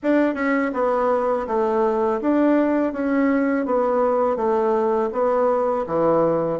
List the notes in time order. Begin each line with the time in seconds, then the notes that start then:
0.02 D4
0.34 C#4
0.73 B3
1.47 A3
2.21 D4
2.93 C#4
3.65 B3
4.36 A3
5.12 B3
5.86 E3